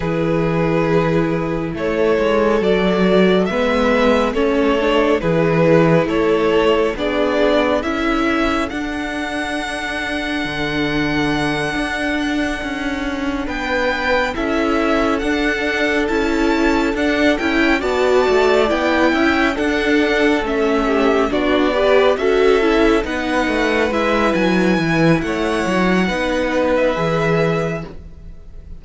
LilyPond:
<<
  \new Staff \with { instrumentName = "violin" } { \time 4/4 \tempo 4 = 69 b'2 cis''4 d''4 | e''4 cis''4 b'4 cis''4 | d''4 e''4 fis''2~ | fis''2.~ fis''8 g''8~ |
g''8 e''4 fis''4 a''4 fis''8 | g''8 a''4 g''4 fis''4 e''8~ | e''8 d''4 e''4 fis''4 e''8 | gis''4 fis''4.~ fis''16 e''4~ e''16 | }
  \new Staff \with { instrumentName = "violin" } { \time 4/4 gis'2 a'2 | b'4 a'4 gis'4 a'4 | gis'4 a'2.~ | a'2.~ a'8 b'8~ |
b'8 a'2.~ a'8~ | a'8 d''4. e''8 a'4. | g'8 fis'8 b'8 a'4 b'4.~ | b'4 cis''4 b'2 | }
  \new Staff \with { instrumentName = "viola" } { \time 4/4 e'2. fis'4 | b4 cis'8 d'8 e'2 | d'4 e'4 d'2~ | d'1~ |
d'8 e'4 d'4 e'4 d'8 | e'8 fis'4 e'4 d'4 cis'8~ | cis'8 d'8 g'8 fis'8 e'8 dis'4 e'8~ | e'2 dis'4 gis'4 | }
  \new Staff \with { instrumentName = "cello" } { \time 4/4 e2 a8 gis8 fis4 | gis4 a4 e4 a4 | b4 cis'4 d'2 | d4. d'4 cis'4 b8~ |
b8 cis'4 d'4 cis'4 d'8 | cis'8 b8 a8 b8 cis'8 d'4 a8~ | a8 b4 cis'4 b8 a8 gis8 | fis8 e8 a8 fis8 b4 e4 | }
>>